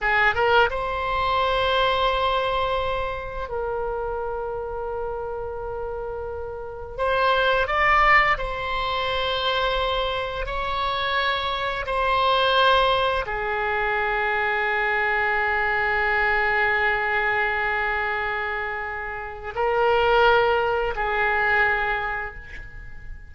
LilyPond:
\new Staff \with { instrumentName = "oboe" } { \time 4/4 \tempo 4 = 86 gis'8 ais'8 c''2.~ | c''4 ais'2.~ | ais'2 c''4 d''4 | c''2. cis''4~ |
cis''4 c''2 gis'4~ | gis'1~ | gis'1 | ais'2 gis'2 | }